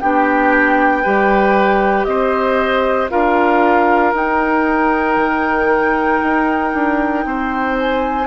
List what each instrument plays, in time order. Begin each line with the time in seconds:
0.00 bassoon B3, clarinet D4, oboe G4, flute G5
1.03 bassoon G3, clarinet G4, oboe B4
2.04 bassoon C4, oboe C5, flute D#5
3.10 bassoon D4, clarinet F4, oboe A#4, flute F5
4.13 bassoon D#4, clarinet D#4, flute G5
5.16 bassoon D#3
6.22 bassoon D#4
6.74 bassoon D4
7.25 bassoon C4, oboe C5
7.78 flute G#5